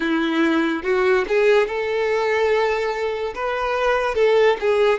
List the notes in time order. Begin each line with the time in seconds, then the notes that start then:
0.00 E4
0.83 F#4
1.27 G#4
1.67 A4
3.34 B4
4.14 A4
4.60 G#4